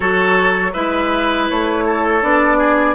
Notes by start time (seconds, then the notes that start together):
0.00 F#3 F#4 A4 C#5
0.73 G#3 E4 B4 E5
1.49 A3 C#5
1.85 A4
2.22 B3 D4 D5
2.57 G#4